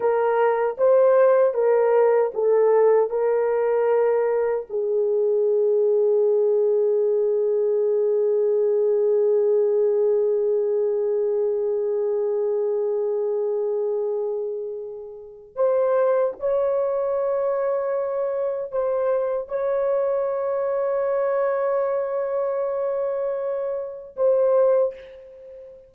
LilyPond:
\new Staff \with { instrumentName = "horn" } { \time 4/4 \tempo 4 = 77 ais'4 c''4 ais'4 a'4 | ais'2 gis'2~ | gis'1~ | gis'1~ |
gis'1 | c''4 cis''2. | c''4 cis''2.~ | cis''2. c''4 | }